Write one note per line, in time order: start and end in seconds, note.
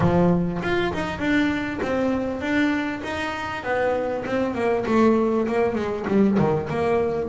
0.00 0.60 F3
0.62 0.93 F4
0.93 1.18 D#4
1.18 1.79 D4
1.82 2.41 C4
2.41 3.01 D4
3.03 3.63 D#4
3.63 4.24 B3
4.25 4.54 C4
4.54 4.84 A#3
4.86 5.46 A3
5.47 5.75 A#3
5.75 6.05 G#3
6.07 6.38 G3
6.38 6.69 D#3
6.69 7.29 A#3